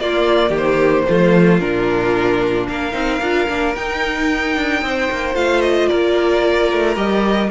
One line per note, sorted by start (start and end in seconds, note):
0.00 0.50 A#3
0.00 1.07 A#3
0.00 0.49 F4
0.00 0.54 D5
0.49 1.03 D#3
0.49 1.03 G4
0.57 1.60 C5
1.08 1.61 F3
1.08 1.60 A3
1.08 2.69 F4
1.60 2.68 A#2
1.60 2.92 D4
1.60 2.67 A#4
2.69 2.93 A#3
2.69 4.83 A#4
2.69 3.75 F5
2.92 3.20 C4
2.92 3.19 D#4
3.21 3.48 D4
3.21 3.48 F4
3.48 3.75 A#3
3.48 3.75 D4
3.75 4.56 D#4
3.75 5.35 D#4
3.75 5.35 G5
4.56 4.82 D4
4.82 5.09 C4
4.82 5.90 C5
5.11 5.34 A#3
5.34 5.88 A3
5.34 6.95 F4
5.34 5.61 F5
5.61 5.88 D#5
5.88 6.73 A#3
5.88 7.50 A#4
5.88 6.95 D5
6.73 6.96 A3
6.95 7.49 G3
6.95 7.49 G4
6.95 7.49 D#5